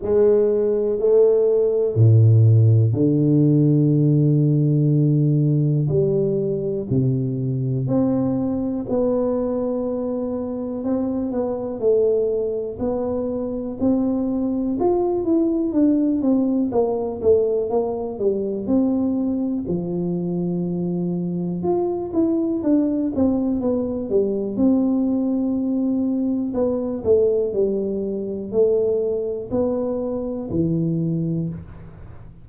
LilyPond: \new Staff \with { instrumentName = "tuba" } { \time 4/4 \tempo 4 = 61 gis4 a4 a,4 d4~ | d2 g4 c4 | c'4 b2 c'8 b8 | a4 b4 c'4 f'8 e'8 |
d'8 c'8 ais8 a8 ais8 g8 c'4 | f2 f'8 e'8 d'8 c'8 | b8 g8 c'2 b8 a8 | g4 a4 b4 e4 | }